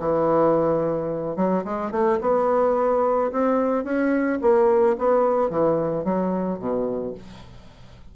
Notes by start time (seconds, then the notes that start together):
0.00 E3
1.37 F#3
1.65 G#3
1.92 A3
2.21 B3
3.32 C4
3.84 C#4
4.41 A#3
4.98 B3
5.50 E3
6.05 F#3
6.59 B2